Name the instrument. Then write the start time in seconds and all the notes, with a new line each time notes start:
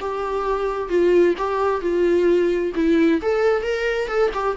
viola
0.00 G4
0.89 F4
1.38 G4
1.81 F4
2.75 E4
3.22 A4
3.63 A#4
4.08 A4
4.34 G4